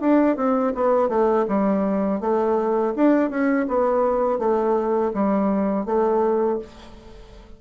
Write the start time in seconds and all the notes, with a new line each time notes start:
0.00 D4
0.36 C4
0.75 B3
1.09 A3
1.48 G3
2.20 A3
2.96 D4
3.30 C#4
3.68 B3
4.38 A3
5.13 G3
5.85 A3